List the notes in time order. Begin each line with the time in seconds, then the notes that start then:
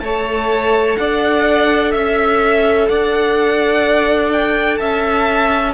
0.00 A3 A4 C#5 A5
0.97 D4 D5 F#5
1.90 C#4 E5
2.88 D4 D5 F#5
4.32 G5
4.77 C#4 E5 A5